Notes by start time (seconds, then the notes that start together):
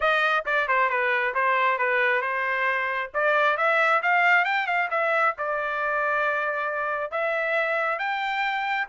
0.00 D#5
0.45 D5
0.68 C5
0.89 B4
1.34 C5
1.78 B4
2.21 C5
3.14 D5
3.57 E5
4.02 F5
4.44 G5
4.66 F5
4.90 E5
5.38 D5
7.11 E5
7.98 G5